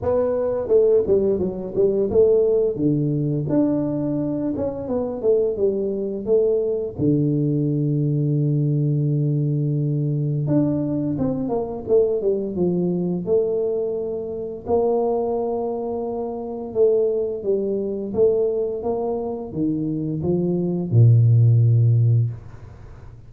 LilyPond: \new Staff \with { instrumentName = "tuba" } { \time 4/4 \tempo 4 = 86 b4 a8 g8 fis8 g8 a4 | d4 d'4. cis'8 b8 a8 | g4 a4 d2~ | d2. d'4 |
c'8 ais8 a8 g8 f4 a4~ | a4 ais2. | a4 g4 a4 ais4 | dis4 f4 ais,2 | }